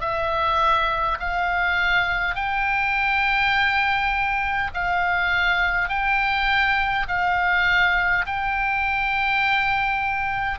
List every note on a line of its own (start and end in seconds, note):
0.00 1.18 E5
1.19 2.35 F5
2.35 4.71 G5
4.74 5.89 F5
5.89 7.06 G5
7.08 8.26 F5
8.26 10.59 G5